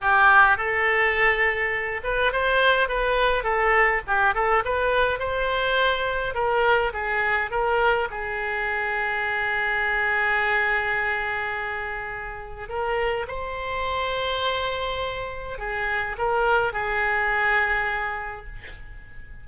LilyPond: \new Staff \with { instrumentName = "oboe" } { \time 4/4 \tempo 4 = 104 g'4 a'2~ a'8 b'8 | c''4 b'4 a'4 g'8 a'8 | b'4 c''2 ais'4 | gis'4 ais'4 gis'2~ |
gis'1~ | gis'2 ais'4 c''4~ | c''2. gis'4 | ais'4 gis'2. | }